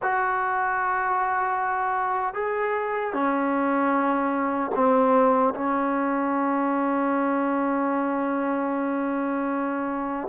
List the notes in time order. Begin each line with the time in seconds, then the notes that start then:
0.02 F#4
2.34 G#4
3.13 C#4
4.75 C4
5.54 C#4